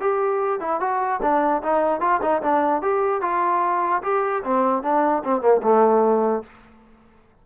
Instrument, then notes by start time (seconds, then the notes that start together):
trombone
0.00 G4
0.60 E4
0.80 F#4
1.22 D4
1.62 D#4
2.01 F4
2.22 D#4
2.42 D4
2.82 G4
3.22 F4
4.02 G4
4.44 C4
4.83 D4
5.24 C4
5.41 A#3
5.62 A3